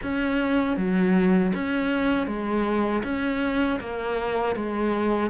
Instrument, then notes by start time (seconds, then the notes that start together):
cello
0.02 C#4
0.76 F#3
1.54 C#4
2.26 G#3
3.03 C#4
3.80 A#3
4.55 G#3